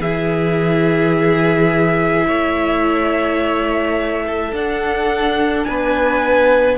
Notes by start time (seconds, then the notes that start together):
0.00 E3 E4 G#4 E5
2.28 A3 C#5
4.27 A4
4.52 D4 F#5
5.65 B3 B4 G#5